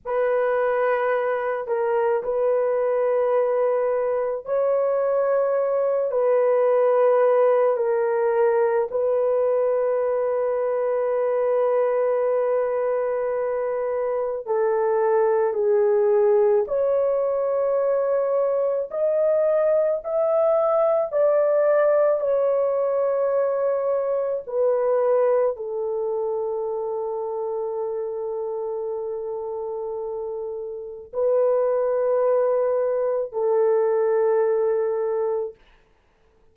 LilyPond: \new Staff \with { instrumentName = "horn" } { \time 4/4 \tempo 4 = 54 b'4. ais'8 b'2 | cis''4. b'4. ais'4 | b'1~ | b'4 a'4 gis'4 cis''4~ |
cis''4 dis''4 e''4 d''4 | cis''2 b'4 a'4~ | a'1 | b'2 a'2 | }